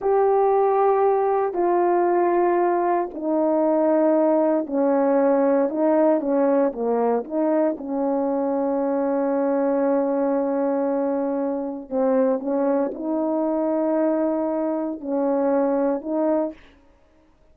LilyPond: \new Staff \with { instrumentName = "horn" } { \time 4/4 \tempo 4 = 116 g'2. f'4~ | f'2 dis'2~ | dis'4 cis'2 dis'4 | cis'4 ais4 dis'4 cis'4~ |
cis'1~ | cis'2. c'4 | cis'4 dis'2.~ | dis'4 cis'2 dis'4 | }